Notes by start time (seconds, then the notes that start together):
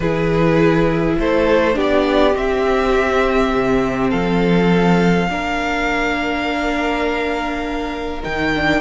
0.00 E3 E4 G#4 B4
1.18 A3 A4 C5
1.74 B3 D4 G4
1.80 D5
2.33 C4 E5
3.54 C3
4.09 F3 A4 F5
5.29 A#3 D4 A#4
8.22 D#3 D#4 G5
8.55 D4